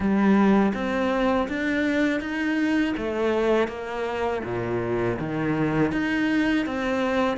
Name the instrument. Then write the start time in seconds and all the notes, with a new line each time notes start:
cello
0.00 G3
0.73 C4
1.48 D4
2.20 D#4
2.97 A3
3.68 A#3
4.44 A#2
5.19 D#3
5.92 D#4
6.66 C4